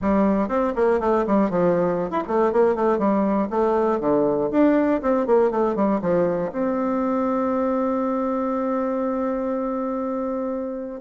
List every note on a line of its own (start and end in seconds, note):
0.01 0.48 G3
0.48 0.73 C4
0.75 1.00 A#3
1.00 1.25 A3
1.26 1.50 G3
1.50 2.10 F3
2.10 2.23 E4
2.27 2.52 A3
2.52 2.75 A#3
2.75 2.98 A3
2.98 3.48 G3
3.50 4.00 A3
4.00 4.50 D3
4.51 5.01 D4
5.02 5.26 C4
5.26 5.50 A#3
5.50 5.75 A3
5.75 6.00 G3
6.01 6.51 F3
6.51 11.01 C4